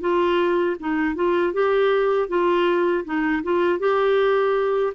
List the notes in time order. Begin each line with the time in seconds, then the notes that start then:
0.00 F4
0.79 D#4
1.15 F4
1.53 G4
2.28 F4
3.05 D#4
3.43 F4
3.79 G4